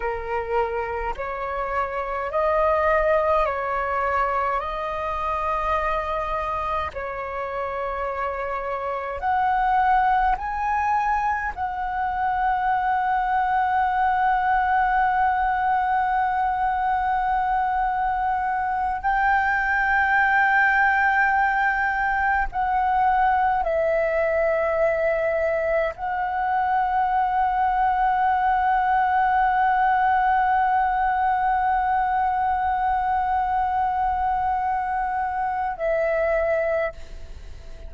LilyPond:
\new Staff \with { instrumentName = "flute" } { \time 4/4 \tempo 4 = 52 ais'4 cis''4 dis''4 cis''4 | dis''2 cis''2 | fis''4 gis''4 fis''2~ | fis''1~ |
fis''8 g''2. fis''8~ | fis''8 e''2 fis''4.~ | fis''1~ | fis''2. e''4 | }